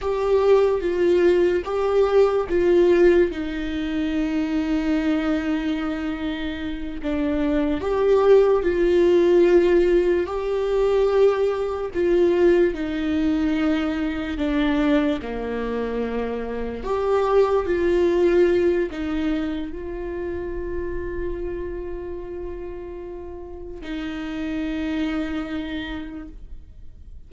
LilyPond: \new Staff \with { instrumentName = "viola" } { \time 4/4 \tempo 4 = 73 g'4 f'4 g'4 f'4 | dis'1~ | dis'8 d'4 g'4 f'4.~ | f'8 g'2 f'4 dis'8~ |
dis'4. d'4 ais4.~ | ais8 g'4 f'4. dis'4 | f'1~ | f'4 dis'2. | }